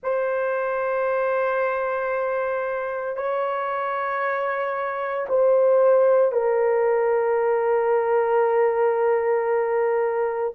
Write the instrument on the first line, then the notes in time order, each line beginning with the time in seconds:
horn
0.03 C5
3.16 C#5
5.29 C5
6.32 A#4